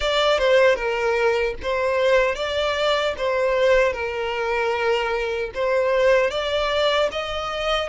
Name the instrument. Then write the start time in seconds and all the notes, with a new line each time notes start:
violin
0.00 D5
0.38 C5
0.75 A#4
1.62 C5
2.35 D5
3.17 C5
3.93 A#4
5.54 C5
6.30 D5
7.11 D#5